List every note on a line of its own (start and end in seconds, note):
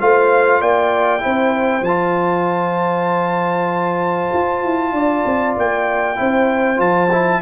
0.00 0.61 A3
0.00 1.20 F4
0.00 0.61 C5
0.00 0.61 F5
0.61 1.23 A#3
0.61 1.23 D5
0.61 1.84 G5
1.20 1.81 C4
1.20 1.81 E4
1.20 4.94 C5
1.81 4.29 F3
1.81 5.55 A5
1.87 6.16 F4
4.33 4.64 F4
4.64 4.92 E4
4.92 5.23 D4
4.92 6.18 D5
5.25 5.56 C4
5.57 6.19 A#3
5.57 6.80 G5
6.16 6.79 C4
6.16 6.77 E4
6.16 7.42 C5
6.77 7.41 F3
6.77 7.08 F4
6.77 7.42 A5
7.12 7.42 E4